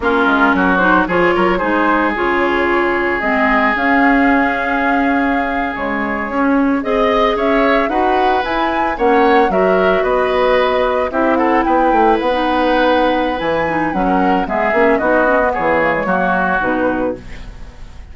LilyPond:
<<
  \new Staff \with { instrumentName = "flute" } { \time 4/4 \tempo 4 = 112 ais'4. c''8 cis''4 c''4 | cis''2 dis''4 f''4~ | f''2~ f''8. cis''4~ cis''16~ | cis''8. dis''4 e''4 fis''4 gis''16~ |
gis''8. fis''4 e''4 dis''4~ dis''16~ | dis''8. e''8 fis''8 g''4 fis''4~ fis''16~ | fis''4 gis''4 fis''4 e''4 | dis''4 cis''2 b'4 | }
  \new Staff \with { instrumentName = "oboe" } { \time 4/4 f'4 fis'4 gis'8 ais'8 gis'4~ | gis'1~ | gis'1~ | gis'8. dis''4 cis''4 b'4~ b'16~ |
b'8. cis''4 ais'4 b'4~ b'16~ | b'8. g'8 a'8 b'2~ b'16~ | b'2~ b'16 ais'8. gis'4 | fis'4 gis'4 fis'2 | }
  \new Staff \with { instrumentName = "clarinet" } { \time 4/4 cis'4. dis'8 f'4 dis'4 | f'2 c'4 cis'4~ | cis'2~ cis'8. gis4 cis'16~ | cis'8. gis'2 fis'4 e'16~ |
e'8. cis'4 fis'2~ fis'16~ | fis'8. e'2~ e'16 dis'4~ | dis'4 e'8 dis'8 cis'4 b8 cis'8 | dis'8 cis'16 b8. ais16 gis16 ais4 dis'4 | }
  \new Staff \with { instrumentName = "bassoon" } { \time 4/4 ais8 gis8 fis4 f8 fis8 gis4 | cis2 gis4 cis'4~ | cis'2~ cis'8. cis4 cis'16~ | cis'8. c'4 cis'4 dis'4 e'16~ |
e'8. ais4 fis4 b4~ b16~ | b8. c'4 b8 a8 b4~ b16~ | b4 e4 fis4 gis8 ais8 | b4 e4 fis4 b,4 | }
>>